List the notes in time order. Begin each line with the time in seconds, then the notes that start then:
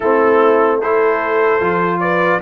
0.00 A3 C4 E4 A4
0.80 E4 A4 C5
1.60 F3 F4
2.00 B4 D5